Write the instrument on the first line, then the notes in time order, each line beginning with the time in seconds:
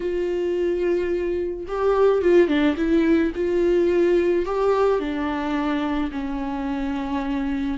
viola
0.00 F4
1.67 G4
2.21 F4
2.47 D4
2.76 E4
3.35 F4
4.45 G4
4.99 D4
6.11 C#4